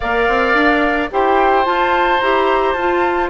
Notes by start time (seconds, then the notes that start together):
0.00 A#3 A#4 D5 F5
0.28 C4
0.54 D4
1.11 E4 G4 C5 G5
1.65 F4 A5
2.20 E4 G4 A#5
2.72 F4 A5